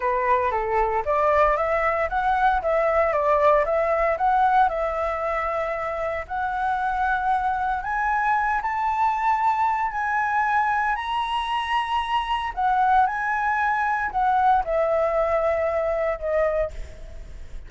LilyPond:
\new Staff \with { instrumentName = "flute" } { \time 4/4 \tempo 4 = 115 b'4 a'4 d''4 e''4 | fis''4 e''4 d''4 e''4 | fis''4 e''2. | fis''2. gis''4~ |
gis''8 a''2~ a''8 gis''4~ | gis''4 ais''2. | fis''4 gis''2 fis''4 | e''2. dis''4 | }